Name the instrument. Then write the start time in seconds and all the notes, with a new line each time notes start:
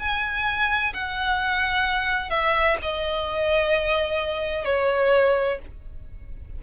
violin
0.00 G#5
0.94 F#5
2.31 E5
2.83 D#5
4.65 C#5